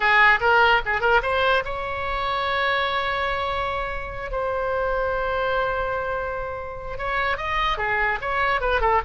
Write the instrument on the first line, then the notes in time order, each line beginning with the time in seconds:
oboe
0.00 G#4
0.40 A#4
0.85 G#4
1.00 A#4
1.22 C5
1.65 C#5
4.31 C5
6.98 C#5
7.37 D#5
7.77 G#4
8.21 C#5
8.60 B4
8.80 A4